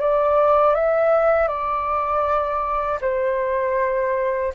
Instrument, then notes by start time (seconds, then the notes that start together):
flute
0.00 D5
0.74 E5
1.47 D5
3.01 C5